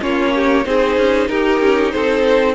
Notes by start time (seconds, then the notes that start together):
0.00 A#3 C#4 F4 C#5
0.35 G4
0.64 C4 D#4 G#4 C5
0.97 C#4
1.28 D#4 G4 A#4
1.60 C#4
1.91 C4 A4 C5